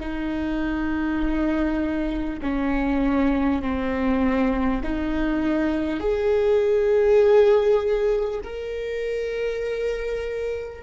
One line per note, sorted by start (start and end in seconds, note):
0.00 2.40 D#4
2.42 3.62 C#4
3.62 4.82 C4
4.83 6.00 D#4
6.00 8.40 G#4
8.43 10.83 A#4